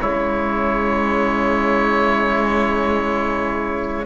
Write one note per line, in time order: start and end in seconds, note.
0.00 4.06 C#3
0.00 4.06 G#3
0.00 4.06 E4
0.00 4.06 C#5